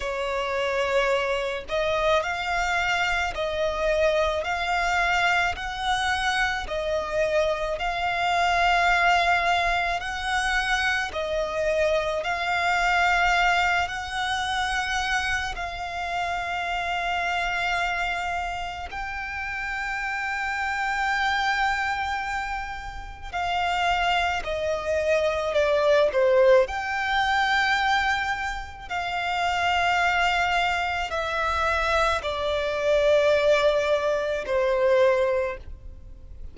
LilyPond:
\new Staff \with { instrumentName = "violin" } { \time 4/4 \tempo 4 = 54 cis''4. dis''8 f''4 dis''4 | f''4 fis''4 dis''4 f''4~ | f''4 fis''4 dis''4 f''4~ | f''8 fis''4. f''2~ |
f''4 g''2.~ | g''4 f''4 dis''4 d''8 c''8 | g''2 f''2 | e''4 d''2 c''4 | }